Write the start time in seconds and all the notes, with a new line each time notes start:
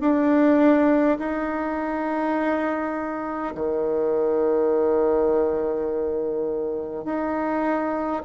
0.00 D4
1.19 D#4
3.55 D#3
7.04 D#4